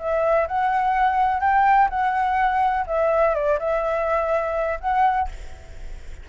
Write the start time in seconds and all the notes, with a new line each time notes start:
0.00 E5
0.48 F#5
1.41 G5
1.90 F#5
2.87 E5
3.35 D5
3.60 E5
4.81 F#5